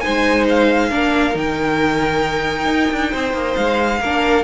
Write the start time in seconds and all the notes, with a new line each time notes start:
0.00 D#4 C5 G#5
0.06 G#3
0.49 F5
0.89 A#3 D4 A#4
1.33 D#3 D#4 G5
2.65 D#4
2.92 D4
3.11 C4 C5
3.33 A#3
3.56 G#3 F5
4.00 A#3 D4 A#4